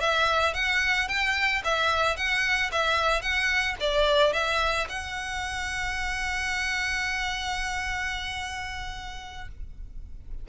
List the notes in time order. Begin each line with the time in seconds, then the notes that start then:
0.00 E5
0.54 F#5
1.08 G5
1.64 E5
2.16 F#5
2.71 E5
3.22 F#5
3.80 D5
4.33 E5
4.89 F#5